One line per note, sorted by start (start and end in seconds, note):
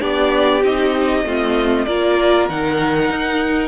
0.00 0.63 B3
0.00 0.62 D4
0.00 1.25 G4
0.00 0.64 D5
0.63 1.25 C4
0.63 1.26 D#4
0.63 1.85 D#5
1.25 1.87 A3
1.25 1.87 C4
1.25 1.87 F4
1.85 2.49 A#3
1.85 2.50 F4
1.85 3.68 A#4
1.85 2.47 D5
2.49 3.10 D#3
2.49 3.68 D#4
2.49 3.68 F#5
3.10 3.68 D#4